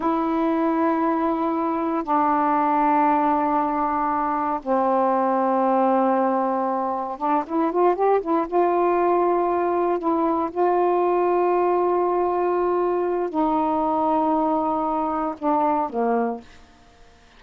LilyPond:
\new Staff \with { instrumentName = "saxophone" } { \time 4/4 \tempo 4 = 117 e'1 | d'1~ | d'4 c'2.~ | c'2 d'8 e'8 f'8 g'8 |
e'8 f'2. e'8~ | e'8 f'2.~ f'8~ | f'2 dis'2~ | dis'2 d'4 ais4 | }